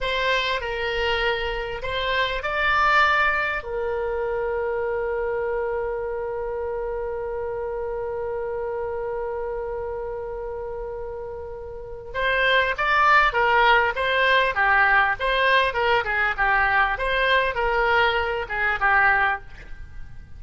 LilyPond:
\new Staff \with { instrumentName = "oboe" } { \time 4/4 \tempo 4 = 99 c''4 ais'2 c''4 | d''2 ais'2~ | ais'1~ | ais'1~ |
ais'1 | c''4 d''4 ais'4 c''4 | g'4 c''4 ais'8 gis'8 g'4 | c''4 ais'4. gis'8 g'4 | }